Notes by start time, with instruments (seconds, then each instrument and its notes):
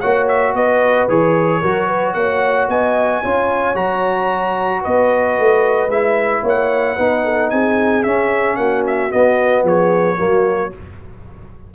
0.00 tuba A#3, trombone F#4, horn C#5, trumpet F#5
0.28 trumpet E5
0.54 tuba B3, horn B4, trumpet D#5
1.08 tuba E3, trombone G#4, trumpet C#5
1.61 tuba F#3, trombone F#4, horn A#4
1.87 horn B4
2.14 tuba A#3, horn C#5, trumpet F#5
2.69 tuba B3, horn D#5, trumpet G#5
3.22 tuba C#4, trombone F4, horn C#5
3.75 tuba F#3, trombone F#4, trumpet A#5
4.81 tuba B3, horn B4, trumpet D#5
5.39 tuba A3
5.88 tuba G#3, trombone E4, trumpet E5
6.42 tuba A#3, horn C#5
6.49 trumpet F#5
6.96 tuba B3, trombone D#4, horn B4
7.25 horn A4
7.50 tuba C4, horn G#4, trumpet G#5
8.03 trombone C#4, tuba C#4, trumpet E5
8.56 tuba A#3, horn F#4, trumpet F#5
8.87 trumpet E5
9.10 trombone B3, tuba B3, trumpet D#5
9.63 tuba F3, horn G#4, trumpet C#5
10.17 tuba F#3, trombone A#3, horn F#4